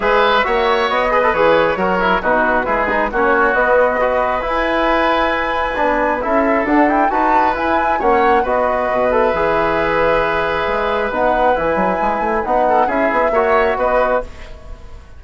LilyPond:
<<
  \new Staff \with { instrumentName = "flute" } { \time 4/4 \tempo 4 = 135 e''2 dis''4 cis''4~ | cis''4 b'2 cis''4 | dis''2 gis''2~ | gis''2 e''4 fis''8 g''8 |
a''4 gis''4 fis''4 dis''4~ | dis''8 e''2.~ e''8~ | e''4 fis''4 gis''2 | fis''4 e''2 dis''4 | }
  \new Staff \with { instrumentName = "oboe" } { \time 4/4 b'4 cis''4. b'4. | ais'4 fis'4 gis'4 fis'4~ | fis'4 b'2.~ | b'2 a'2 |
b'2 cis''4 b'4~ | b'1~ | b'1~ | b'8 a'8 gis'4 cis''4 b'4 | }
  \new Staff \with { instrumentName = "trombone" } { \time 4/4 gis'4 fis'4. gis'16 a'16 gis'4 | fis'8 e'8 dis'4 e'8 dis'8 cis'4 | b4 fis'4 e'2~ | e'4 d'4 e'4 d'8 e'8 |
fis'4 e'4 cis'4 fis'4~ | fis'8 a'8 gis'2.~ | gis'4 dis'4 e'2 | dis'4 e'4 fis'2 | }
  \new Staff \with { instrumentName = "bassoon" } { \time 4/4 gis4 ais4 b4 e4 | fis4 b,4 gis4 ais4 | b2 e'2~ | e'4 b4 cis'4 d'4 |
dis'4 e'4 ais4 b4 | b,4 e2. | gis4 b4 e8 fis8 gis8 a8 | b4 cis'8 b8 ais4 b4 | }
>>